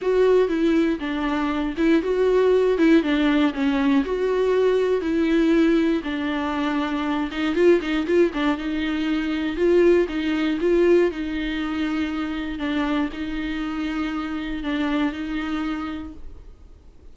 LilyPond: \new Staff \with { instrumentName = "viola" } { \time 4/4 \tempo 4 = 119 fis'4 e'4 d'4. e'8 | fis'4. e'8 d'4 cis'4 | fis'2 e'2 | d'2~ d'8 dis'8 f'8 dis'8 |
f'8 d'8 dis'2 f'4 | dis'4 f'4 dis'2~ | dis'4 d'4 dis'2~ | dis'4 d'4 dis'2 | }